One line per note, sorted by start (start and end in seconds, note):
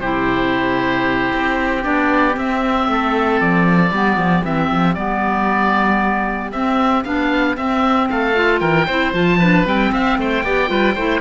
0.00 1.31 C3
0.00 1.83 E4
0.00 2.88 G4
0.00 1.83 C5
1.33 1.85 C4
1.83 2.37 B3
1.83 2.33 D4
1.83 2.36 D5
2.33 3.90 C4
2.33 2.88 C4
2.33 3.41 E5
2.88 3.40 A3
2.88 3.94 A4
3.41 3.92 F3
3.41 4.45 D5
3.92 4.17 G3
3.92 4.44 B3
3.92 8.11 G4
4.17 4.43 F3
4.44 4.71 E3
4.44 4.96 C4
4.44 4.95 E5
4.71 4.97 F3
4.95 6.53 G3
4.95 6.53 B3
4.95 6.51 D5
6.52 7.05 C4
6.52 7.04 E5
7.04 7.57 B3
7.04 7.57 D4
7.04 7.57 F5
7.57 8.34 C4
7.57 8.10 C4
7.57 8.09 E5
8.10 8.62 A3
8.10 8.61 A4
8.10 8.60 F5
8.34 8.87 F4
8.60 8.88 E3
8.60 8.86 A#4
8.60 9.12 G5
8.86 9.14 C4
8.86 9.13 E4
8.86 9.39 C5
9.13 9.66 F3
9.13 9.39 F4
9.13 9.67 A5
9.40 9.65 D4
9.40 9.92 B4
9.65 9.92 G3
9.65 10.44 C4
9.65 9.94 G5
9.92 10.18 C4
9.92 10.18 E5
9.92 10.20 F5
10.18 10.44 A3
10.18 10.44 C5
10.18 11.22 G5
10.44 10.70 B3
10.44 10.67 G4
10.44 10.70 D5
10.67 10.96 G3
10.67 10.94 F4
10.67 10.95 B4
10.95 11.22 A3
10.95 11.22 E4
10.95 11.21 C5